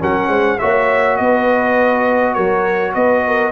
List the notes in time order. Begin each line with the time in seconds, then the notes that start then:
0.00 F#3 C#4 A#4 F#5
0.28 G#3 C5
0.59 A#3 F#4 C#5 E5
1.17 B3 B4 D#5
2.34 F#3 A#4 C#5
2.94 B3 B4 D#5
3.28 A#4